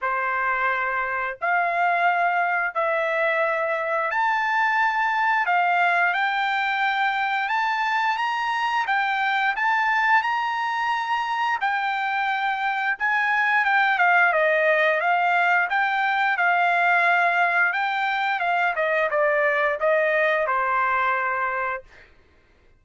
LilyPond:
\new Staff \with { instrumentName = "trumpet" } { \time 4/4 \tempo 4 = 88 c''2 f''2 | e''2 a''2 | f''4 g''2 a''4 | ais''4 g''4 a''4 ais''4~ |
ais''4 g''2 gis''4 | g''8 f''8 dis''4 f''4 g''4 | f''2 g''4 f''8 dis''8 | d''4 dis''4 c''2 | }